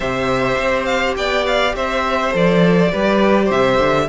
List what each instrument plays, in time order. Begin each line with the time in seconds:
0.00 cello C3, viola G4, violin C5 E5
0.58 cello C4
0.85 violin F5
1.16 cello B3, violin D5 G5
1.46 violin F5
1.75 cello C4, violin C5 E5
2.32 cello F3, viola A4, violin D5
2.91 cello G3, viola G4, violin B4
3.45 cello C3, violin C5 E5
3.78 cello D3